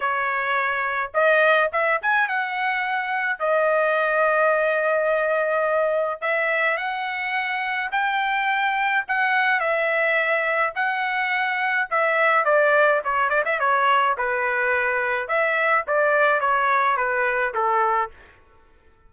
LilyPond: \new Staff \with { instrumentName = "trumpet" } { \time 4/4 \tempo 4 = 106 cis''2 dis''4 e''8 gis''8 | fis''2 dis''2~ | dis''2. e''4 | fis''2 g''2 |
fis''4 e''2 fis''4~ | fis''4 e''4 d''4 cis''8 d''16 e''16 | cis''4 b'2 e''4 | d''4 cis''4 b'4 a'4 | }